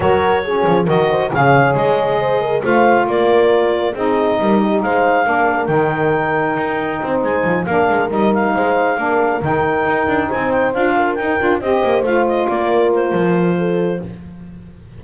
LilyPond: <<
  \new Staff \with { instrumentName = "clarinet" } { \time 4/4 \tempo 4 = 137 cis''2 dis''4 f''4 | dis''2 f''4 d''4~ | d''4 dis''2 f''4~ | f''4 g''2.~ |
g''8 gis''4 f''4 dis''8 f''4~ | f''4. g''2 gis''8 | g''8 f''4 g''4 dis''4 f''8 | dis''8 d''4 c''2~ c''8 | }
  \new Staff \with { instrumentName = "horn" } { \time 4/4 ais'4 gis'4 ais'8 c''8 cis''4~ | cis''4 c''8 ais'8 c''4 ais'4~ | ais'4 gis'4 ais'8 g'8 c''4 | ais'1 |
c''4. ais'2 c''8~ | c''8 ais'2. c''8~ | c''4 ais'4. c''4.~ | c''8 ais'2~ ais'8 a'4 | }
  \new Staff \with { instrumentName = "saxophone" } { \time 4/4 fis'4 cis'4 fis'4 gis'4~ | gis'2 f'2~ | f'4 dis'2. | d'4 dis'2.~ |
dis'4. d'4 dis'4.~ | dis'8 d'4 dis'2~ dis'8~ | dis'8 f'4 dis'8 f'8 g'4 f'8~ | f'1 | }
  \new Staff \with { instrumentName = "double bass" } { \time 4/4 fis4. f8 dis4 cis4 | gis2 a4 ais4~ | ais4 c'4 g4 gis4 | ais4 dis2 dis'4 |
c'8 gis8 f8 ais8 gis8 g4 gis8~ | gis8 ais4 dis4 dis'8 d'8 c'8~ | c'8 d'4 dis'8 d'8 c'8 ais8 a8~ | a8 ais4. f2 | }
>>